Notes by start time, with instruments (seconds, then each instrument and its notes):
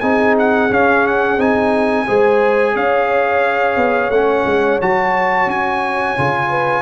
0.00 tuba C4, trombone D#4, horn G#4, trumpet G#5
0.38 trumpet F#5
0.70 trombone C#4, tuba C#4, trumpet F5
1.07 trumpet F#5
1.37 tuba C4, trombone D#4, trumpet G#5
2.05 tuba G#3, trombone G#4, horn C5
2.74 tuba C#4, horn C#5, trumpet F5
3.76 tuba B3
4.09 tuba A3, trombone C#4, trumpet F#5
4.45 tuba G#3
4.81 tuba F#3, trombone F#4, trumpet A5
5.46 tuba C#4, trumpet G#5
6.17 tuba C#3, trombone F4
6.49 horn B4